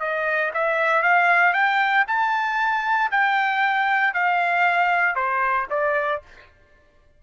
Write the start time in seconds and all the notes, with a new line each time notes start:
0.00 D#5
0.54 E5
1.03 F5
1.53 G5
2.08 A5
3.11 G5
4.14 F5
5.16 C5
5.70 D5